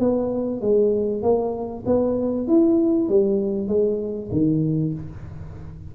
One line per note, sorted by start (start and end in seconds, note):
0.00 0.61 B3
0.61 1.23 G#3
1.23 1.84 A#3
1.86 2.48 B3
2.48 3.09 E4
3.09 3.68 G3
3.68 4.30 G#3
4.32 4.94 D#3